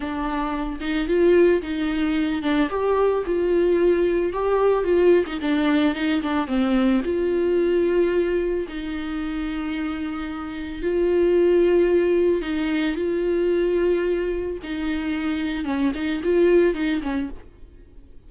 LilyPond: \new Staff \with { instrumentName = "viola" } { \time 4/4 \tempo 4 = 111 d'4. dis'8 f'4 dis'4~ | dis'8 d'8 g'4 f'2 | g'4 f'8. dis'16 d'4 dis'8 d'8 | c'4 f'2. |
dis'1 | f'2. dis'4 | f'2. dis'4~ | dis'4 cis'8 dis'8 f'4 dis'8 cis'8 | }